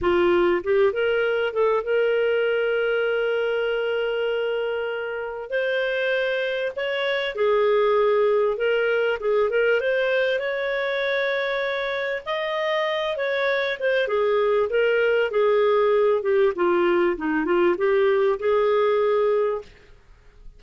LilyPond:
\new Staff \with { instrumentName = "clarinet" } { \time 4/4 \tempo 4 = 98 f'4 g'8 ais'4 a'8 ais'4~ | ais'1~ | ais'4 c''2 cis''4 | gis'2 ais'4 gis'8 ais'8 |
c''4 cis''2. | dis''4. cis''4 c''8 gis'4 | ais'4 gis'4. g'8 f'4 | dis'8 f'8 g'4 gis'2 | }